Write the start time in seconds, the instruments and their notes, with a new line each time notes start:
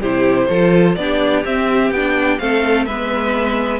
0.00 cello C3, viola E4, violin G4 C5
0.49 cello F3, viola F4, violin A4
0.95 cello B3, viola D4, violin G4 D5
1.44 viola C4, cello C4, violin E5
1.90 cello B3, viola D4, violin G5
2.39 cello A3, viola C4, violin A4 F5
2.85 cello G#3, viola B3, violin B4 E5